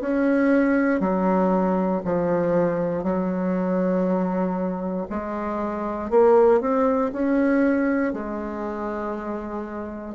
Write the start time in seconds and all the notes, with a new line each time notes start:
0.00 C#4
1.00 F#3
2.04 F3
3.03 F#3
5.09 G#3
6.10 A#3
6.60 C4
7.12 C#4
8.13 G#3